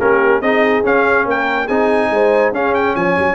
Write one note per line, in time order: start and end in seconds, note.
0.00 0.41 A#3
0.00 0.42 C#4
0.00 0.42 G4
0.00 0.41 A#4
0.41 0.83 C4
0.41 0.84 D#4
0.41 1.26 G#4
0.41 0.84 D#5
0.84 1.68 C#4
0.84 1.25 C#4
0.84 1.28 F5
1.25 1.67 A#3
1.25 1.66 A#4
1.25 1.68 G5
1.66 2.10 C4
1.66 2.53 D#4
1.66 2.08 G#4
1.66 2.52 G#5
2.10 2.52 G#3
2.10 2.54 C5
2.52 2.94 C#4
2.52 3.35 C#4
2.52 2.97 G#4
2.52 2.74 F5
2.74 2.96 G5
2.96 3.17 F3
2.96 3.35 C#5
2.96 3.35 G#5
3.19 3.35 F#3